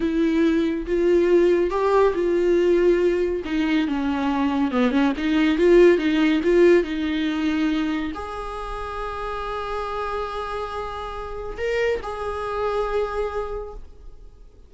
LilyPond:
\new Staff \with { instrumentName = "viola" } { \time 4/4 \tempo 4 = 140 e'2 f'2 | g'4 f'2. | dis'4 cis'2 b8 cis'8 | dis'4 f'4 dis'4 f'4 |
dis'2. gis'4~ | gis'1~ | gis'2. ais'4 | gis'1 | }